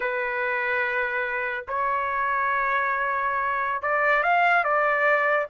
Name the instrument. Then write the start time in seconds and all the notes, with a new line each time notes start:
trumpet
0.00 B4
1.68 C#5
3.82 D5
4.23 F5
4.64 D5